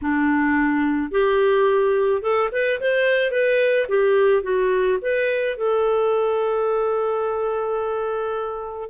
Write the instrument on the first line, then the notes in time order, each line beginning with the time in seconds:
clarinet
0.02 D4
1.11 G4
2.21 A4
2.52 B4
2.80 C5
3.31 B4
3.88 G4
4.43 F#4
5.01 B4
5.57 A4